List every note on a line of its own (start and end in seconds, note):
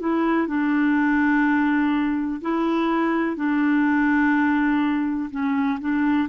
0.00 0.48 E4
0.48 2.41 D4
2.41 3.37 E4
3.37 5.30 D4
5.31 5.79 C#4
5.80 6.29 D4